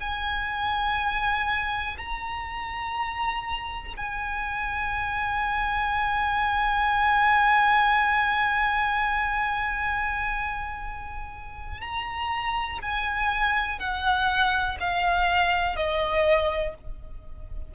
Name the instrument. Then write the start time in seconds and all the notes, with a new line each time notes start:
violin
0.00 G#5
1.98 A#5
3.97 G#5
11.81 A#5
12.82 G#5
13.79 F#5
14.80 F5
15.76 D#5